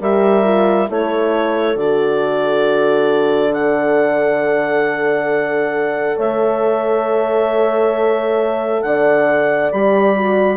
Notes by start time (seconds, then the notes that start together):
0.00 G3 G4 A#4 E5
0.44 F4
0.87 A3 E4 A4 C#5
1.76 D3 F#4 D5
3.53 A4 D5 F#5
6.17 A3 C#5 E5
8.82 D3 D5 F#5
9.72 G3 G4 B5
10.17 F#4